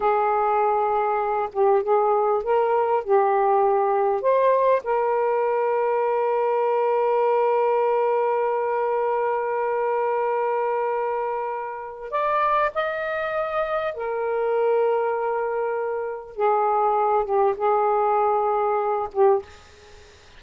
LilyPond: \new Staff \with { instrumentName = "saxophone" } { \time 4/4 \tempo 4 = 99 gis'2~ gis'8 g'8 gis'4 | ais'4 g'2 c''4 | ais'1~ | ais'1~ |
ais'1 | d''4 dis''2 ais'4~ | ais'2. gis'4~ | gis'8 g'8 gis'2~ gis'8 g'8 | }